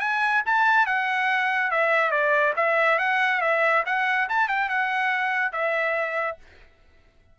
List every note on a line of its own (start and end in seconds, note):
0.00 0.43 G#5
0.46 0.86 A5
0.86 1.71 F#5
1.71 2.11 E5
2.11 2.54 D5
2.56 2.99 E5
2.99 3.41 F#5
3.41 3.84 E5
3.86 4.29 F#5
4.29 4.49 A5
4.49 4.69 G5
4.69 5.52 F#5
5.52 6.38 E5